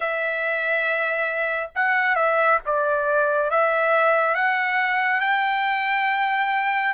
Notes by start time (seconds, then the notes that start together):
0.00 E5
1.75 F#5
2.15 E5
2.65 D5
3.50 E5
4.34 F#5
5.20 G5